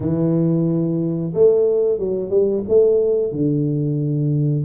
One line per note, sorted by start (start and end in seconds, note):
0.00 1.33 E3
1.34 1.98 A3
1.98 2.30 F#3
2.30 2.63 G3
2.68 3.32 A3
3.32 4.65 D3